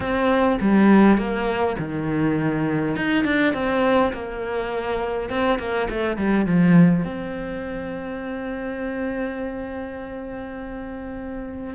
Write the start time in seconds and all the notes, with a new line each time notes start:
0.00 C4
0.60 G3
1.17 A#3
1.79 D#3
2.95 D#4
3.24 D4
3.53 C4
4.13 A#3
5.29 C4
5.58 A#3
5.90 A3
6.16 G3
6.45 F3
7.04 C4